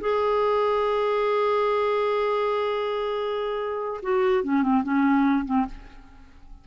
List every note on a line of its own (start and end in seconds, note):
0.00 4.01 G#4
4.02 4.43 F#4
4.43 4.62 C#4
4.62 4.83 C4
4.83 5.45 C#4
5.45 5.65 C4